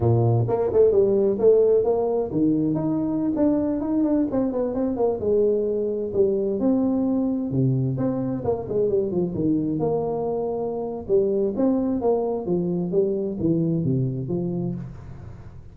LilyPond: \new Staff \with { instrumentName = "tuba" } { \time 4/4 \tempo 4 = 130 ais,4 ais8 a8 g4 a4 | ais4 dis4 dis'4~ dis'16 d'8.~ | d'16 dis'8 d'8 c'8 b8 c'8 ais8 gis8.~ | gis4~ gis16 g4 c'4.~ c'16~ |
c'16 c4 c'4 ais8 gis8 g8 f16~ | f16 dis4 ais2~ ais8. | g4 c'4 ais4 f4 | g4 e4 c4 f4 | }